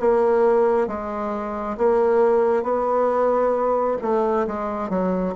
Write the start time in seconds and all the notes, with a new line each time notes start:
0.00 A#3
0.88 G#3
1.78 A#3
2.63 B3
4.02 A3
4.47 G#3
4.90 F#3